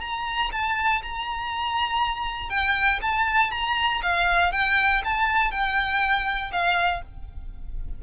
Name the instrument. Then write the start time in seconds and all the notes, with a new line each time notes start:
violin
0.00 A#5
0.52 A5
1.02 A#5
2.49 G5
3.01 A5
3.51 A#5
4.02 F5
4.52 G5
5.04 A5
5.51 G5
6.52 F5